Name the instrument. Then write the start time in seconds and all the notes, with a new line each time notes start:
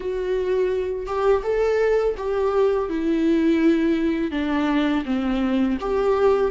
viola
0.00 F#4
1.06 G4
1.43 A4
2.17 G4
2.89 E4
4.31 D4
5.05 C4
5.80 G4